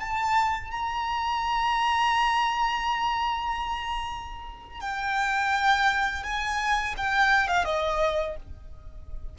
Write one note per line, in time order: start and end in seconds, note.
0.00 0.70 A5
0.70 4.80 A#5
4.80 6.23 G5
6.23 6.95 G#5
6.97 7.47 G5
7.47 7.65 F5
7.65 8.36 D#5